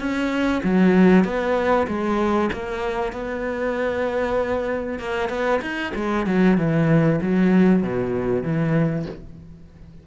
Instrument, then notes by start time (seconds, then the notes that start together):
cello
0.00 C#4
0.64 F#3
1.25 B3
1.88 G#3
2.53 A#3
3.13 B3
5.00 A#3
5.30 B3
5.62 D#4
5.95 G#3
6.27 F#3
6.58 E3
7.22 F#3
7.84 B2
8.44 E3